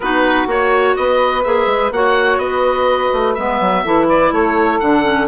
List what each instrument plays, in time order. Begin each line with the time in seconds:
0.00 bassoon B3, clarinet D#4, saxophone F#4, oboe B4
0.46 bassoon A#3, clarinet F#4, oboe C#5
0.96 bassoon B3, saxophone B4, oboe D#5
1.43 bassoon A#3, clarinet G#4, oboe E5
1.66 bassoon G#3
1.91 bassoon A#3, clarinet F#4, saxophone C#5, oboe F#5
2.37 bassoon B3, saxophone B4, oboe D#5
3.12 bassoon A3
3.34 bassoon G#3, clarinet B3, oboe E5
3.60 bassoon F#3
3.83 bassoon E3, clarinet E4, saxophone A4
4.07 saxophone B4, oboe D5
4.32 bassoon A3, saxophone A4, oboe C#5
4.79 bassoon D3, clarinet D4, oboe F#5
5.03 clarinet C#4